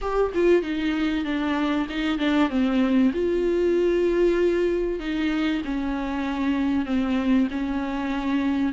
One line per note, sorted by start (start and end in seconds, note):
0.01 0.32 G4
0.34 0.62 F4
0.62 1.24 D#4
1.24 1.87 D4
1.89 2.18 D#4
2.18 2.49 D4
2.49 3.12 C4
3.13 4.99 F4
4.99 5.62 D#4
5.64 6.85 C#4
6.85 7.48 C4
7.51 8.72 C#4